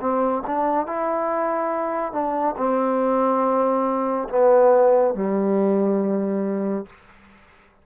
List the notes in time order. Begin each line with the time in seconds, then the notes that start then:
0.00 C4
0.47 D4
0.86 E4
2.12 D4
2.57 C4
4.29 B3
5.15 G3